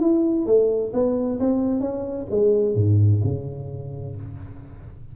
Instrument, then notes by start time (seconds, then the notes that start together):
tuba
0.00 E4
0.46 A3
0.94 B3
1.40 C4
1.81 C#4
2.31 G#3
2.75 G#2
3.24 C#3